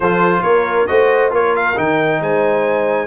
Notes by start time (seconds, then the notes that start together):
0.00 F3 F4 A4 C5
0.42 A#3 A#4 C#5
0.86 A3 F#4 C5 D#5
1.30 A#3 F4 A#4 C#5
1.56 F5
1.76 D#3 D#4 G5
2.20 G#3 C5 G#5